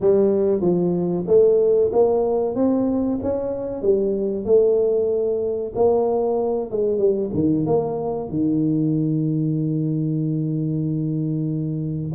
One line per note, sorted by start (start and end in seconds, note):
0.01 0.61 G3
0.61 1.24 F3
1.27 1.91 A3
1.92 2.55 A#3
2.55 3.19 C4
3.22 3.82 C#4
3.82 4.45 G3
4.45 5.72 A3
5.75 6.70 A#3
6.70 6.98 G#3
6.98 7.30 G3
7.34 7.65 D#3
7.65 8.29 A#3
8.29 12.12 D#3